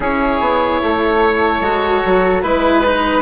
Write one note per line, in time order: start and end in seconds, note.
0.00 0.40 C#4
0.00 1.62 E4
0.00 0.81 G#4
0.00 2.42 C#5
0.40 0.80 B3
0.81 1.60 A3
0.81 2.42 A4
1.60 2.01 G#3
1.60 2.42 F#4
2.05 2.43 F#3
2.42 3.21 G#3
2.42 2.83 E4
2.42 3.21 B4
2.85 3.21 D#4